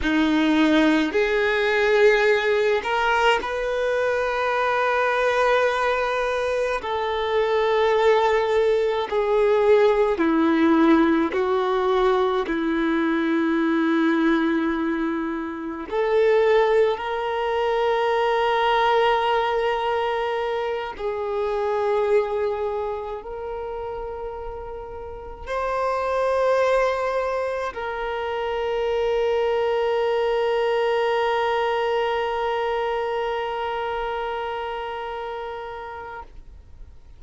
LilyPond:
\new Staff \with { instrumentName = "violin" } { \time 4/4 \tempo 4 = 53 dis'4 gis'4. ais'8 b'4~ | b'2 a'2 | gis'4 e'4 fis'4 e'4~ | e'2 a'4 ais'4~ |
ais'2~ ais'8 gis'4.~ | gis'8 ais'2 c''4.~ | c''8 ais'2.~ ais'8~ | ais'1 | }